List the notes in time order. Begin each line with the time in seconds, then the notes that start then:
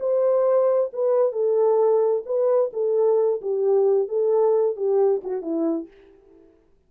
0.00 C5
0.93 B4
1.32 A4
2.26 B4
2.73 A4
3.41 G4
4.08 A4
4.76 G4
5.24 F#4
5.42 E4